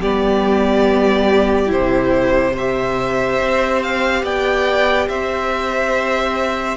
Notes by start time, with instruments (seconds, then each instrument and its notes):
0.00 cello G3, viola B3, violin G4 D5
1.67 cello C3, viola E4, violin C5
2.52 viola G4, violin C5 E5
3.40 cello C4
3.82 violin F5
4.23 cello B3, violin D5 G5
5.08 cello C4, violin C5 E5